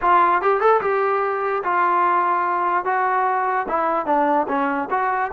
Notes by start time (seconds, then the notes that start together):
0.01 F4
0.41 G4
0.60 A4
0.81 G4
1.63 F4
2.84 F#4
3.68 E4
4.06 D4
4.48 C#4
4.90 F#4